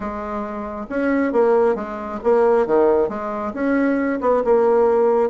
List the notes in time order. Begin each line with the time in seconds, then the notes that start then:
0.00 G#3
0.89 C#4
1.32 A#3
1.75 G#3
2.23 A#3
2.66 D#3
3.08 G#3
3.53 C#4
4.21 B3
4.44 A#3